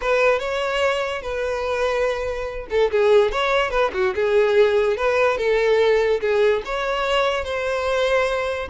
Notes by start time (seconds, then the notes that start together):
0.01 B4
0.39 C#5
1.22 B4
2.70 A4
2.91 G#4
3.31 C#5
3.70 B4
3.93 F#4
4.15 G#4
4.96 B4
5.37 A4
6.21 G#4
6.65 C#5
7.44 C5